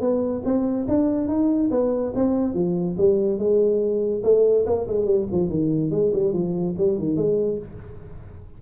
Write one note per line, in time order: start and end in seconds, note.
0.00 0.42 B3
0.44 0.86 C4
0.88 1.28 D4
1.28 1.70 D#4
1.71 2.13 B3
2.15 2.54 C4
2.54 2.96 F3
2.97 3.38 G3
3.38 4.22 G#3
4.23 4.65 A3
4.66 4.87 A#3
4.87 5.05 G#3
5.05 5.26 G3
5.31 5.49 F3
5.49 5.91 D#3
5.91 6.12 G#3
6.13 6.33 G3
6.33 6.75 F3
6.77 6.98 G3
6.98 7.16 D#3
7.16 7.58 G#3